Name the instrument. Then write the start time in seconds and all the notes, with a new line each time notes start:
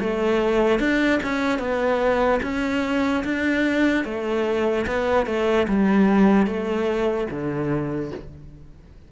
cello
0.00 A3
0.80 D4
1.23 C#4
1.60 B3
2.43 C#4
3.25 D4
4.05 A3
4.87 B3
5.27 A3
5.68 G3
6.47 A3
7.31 D3